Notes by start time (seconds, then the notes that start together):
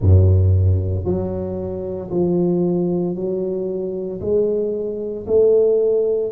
0.00 F#2
1.04 F#3
2.10 F3
3.15 F#3
4.21 G#3
5.26 A3